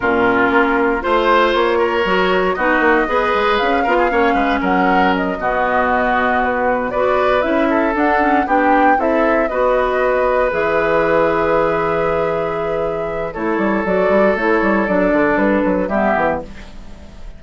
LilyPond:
<<
  \new Staff \with { instrumentName = "flute" } { \time 4/4 \tempo 4 = 117 ais'2 c''4 cis''4~ | cis''4 dis''2 f''4~ | f''4 fis''4 dis''2~ | dis''8 b'4 d''4 e''4 fis''8~ |
fis''8 g''4 e''4 dis''4.~ | dis''8 e''2.~ e''8~ | e''2 cis''4 d''4 | cis''4 d''4 b'4 e''4 | }
  \new Staff \with { instrumentName = "oboe" } { \time 4/4 f'2 c''4. ais'8~ | ais'4 fis'4 b'4. ais'16 gis'16 | cis''8 b'8 ais'4. fis'4.~ | fis'4. b'4. a'4~ |
a'8 g'4 a'4 b'4.~ | b'1~ | b'2 a'2~ | a'2. g'4 | }
  \new Staff \with { instrumentName = "clarinet" } { \time 4/4 cis'2 f'2 | fis'4 dis'4 gis'4. f'8 | cis'2~ cis'8 b4.~ | b4. fis'4 e'4 d'8 |
cis'8 d'4 e'4 fis'4.~ | fis'8 gis'2.~ gis'8~ | gis'2 e'4 fis'4 | e'4 d'2 b4 | }
  \new Staff \with { instrumentName = "bassoon" } { \time 4/4 ais,4 ais4 a4 ais4 | fis4 b8 ais8 b8 gis8 cis'8 b8 | ais8 gis8 fis4. b,4.~ | b,4. b4 cis'4 d'8~ |
d'8 b4 c'4 b4.~ | b8 e2.~ e8~ | e2 a8 g8 fis8 g8 | a8 g8 fis8 d8 g8 fis8 g8 e8 | }
>>